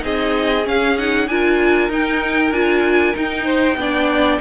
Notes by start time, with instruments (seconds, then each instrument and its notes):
0.00 cello C4, viola D#4, violin G#4 D#5
0.65 viola C#4, cello C#4, violin F5
0.98 viola D#4, violin F#5
1.28 cello D4, viola F4, violin A#4 G#5
1.89 cello D#4, viola D#4, violin G5
2.51 cello D4, viola F4, violin G#5
3.14 viola D#4, cello D#4, violin G5
3.45 violin C5
3.76 cello B3, viola D4, violin D5